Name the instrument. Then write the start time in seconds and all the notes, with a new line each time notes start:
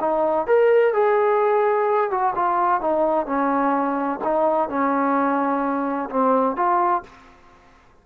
trombone
0.00 D#4
0.47 A#4
0.93 G#4
2.10 F#4
2.35 F4
2.81 D#4
3.26 C#4
4.24 D#4
4.69 C#4
6.10 C4
6.56 F4